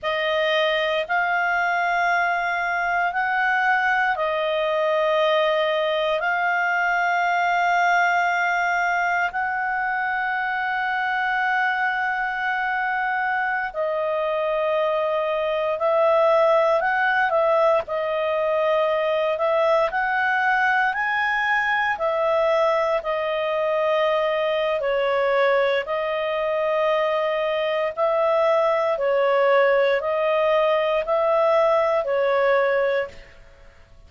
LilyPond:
\new Staff \with { instrumentName = "clarinet" } { \time 4/4 \tempo 4 = 58 dis''4 f''2 fis''4 | dis''2 f''2~ | f''4 fis''2.~ | fis''4~ fis''16 dis''2 e''8.~ |
e''16 fis''8 e''8 dis''4. e''8 fis''8.~ | fis''16 gis''4 e''4 dis''4.~ dis''16 | cis''4 dis''2 e''4 | cis''4 dis''4 e''4 cis''4 | }